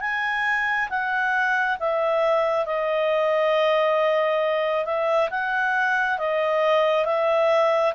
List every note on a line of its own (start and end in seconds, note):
0.00 0.88 G#5
0.89 1.77 F#5
1.79 2.65 E5
2.65 4.85 D#5
4.85 5.29 E5
5.30 6.18 F#5
6.18 7.05 D#5
7.05 7.93 E5